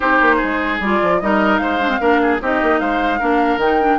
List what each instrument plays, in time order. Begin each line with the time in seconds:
0.00 bassoon C4, clarinet D#4, oboe G4, flute C5
0.21 bassoon A#3
0.36 oboe G#4
0.43 bassoon G#3
0.79 bassoon G3, clarinet F4, flute D5
1.02 bassoon F3
1.20 bassoon G3, clarinet D#4, oboe A#4, flute D#5
1.57 bassoon G#3, oboe C5, flute F5
1.81 clarinet D4
1.89 clarinet C4
1.99 bassoon A#3, clarinet D4, oboe A#4
2.22 oboe G#4
2.41 bassoon C4, clarinet D#4, oboe G4, flute D#5
2.62 bassoon A#3
2.79 bassoon G#3, oboe C5, flute F5
3.19 bassoon A#3, clarinet D4, oboe A#4
3.57 bassoon D#3, clarinet D#4, flute G5
3.81 clarinet D4